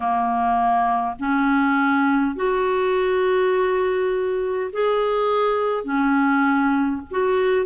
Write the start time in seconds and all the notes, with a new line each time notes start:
0.00 A#3
1.19 C#4
2.35 F#4
4.72 G#4
5.83 C#4
7.10 F#4